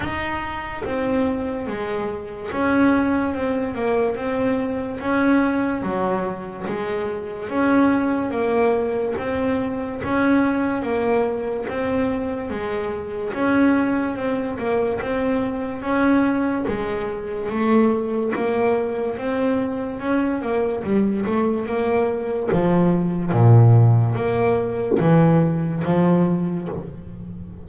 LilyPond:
\new Staff \with { instrumentName = "double bass" } { \time 4/4 \tempo 4 = 72 dis'4 c'4 gis4 cis'4 | c'8 ais8 c'4 cis'4 fis4 | gis4 cis'4 ais4 c'4 | cis'4 ais4 c'4 gis4 |
cis'4 c'8 ais8 c'4 cis'4 | gis4 a4 ais4 c'4 | cis'8 ais8 g8 a8 ais4 f4 | ais,4 ais4 e4 f4 | }